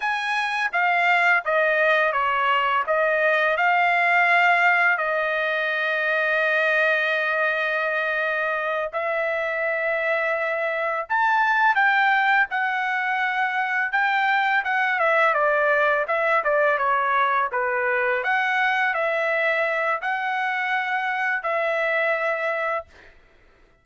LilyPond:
\new Staff \with { instrumentName = "trumpet" } { \time 4/4 \tempo 4 = 84 gis''4 f''4 dis''4 cis''4 | dis''4 f''2 dis''4~ | dis''1~ | dis''8 e''2. a''8~ |
a''8 g''4 fis''2 g''8~ | g''8 fis''8 e''8 d''4 e''8 d''8 cis''8~ | cis''8 b'4 fis''4 e''4. | fis''2 e''2 | }